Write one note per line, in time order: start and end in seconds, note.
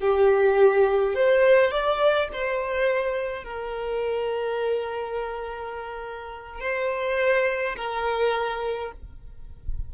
0.00 1.14 G4
1.14 1.71 C5
1.71 2.28 D5
2.32 3.44 C5
3.44 6.60 A#4
6.60 7.75 C5
7.76 8.91 A#4